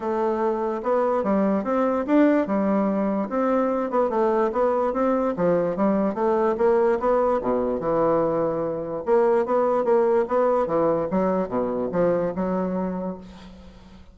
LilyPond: \new Staff \with { instrumentName = "bassoon" } { \time 4/4 \tempo 4 = 146 a2 b4 g4 | c'4 d'4 g2 | c'4. b8 a4 b4 | c'4 f4 g4 a4 |
ais4 b4 b,4 e4~ | e2 ais4 b4 | ais4 b4 e4 fis4 | b,4 f4 fis2 | }